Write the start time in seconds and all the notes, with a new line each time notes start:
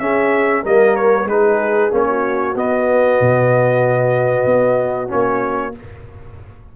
0.00 C#4 G#4 E5
0.63 G3 A#3 A#4 D#5
0.96 C#5
1.26 G#3 D#4 G#4 B4
1.91 A#3 C#4 C#5
2.09 F#4
2.56 B3 D#5
3.21 B2
4.46 B3
5.09 A#3 C#4 C#5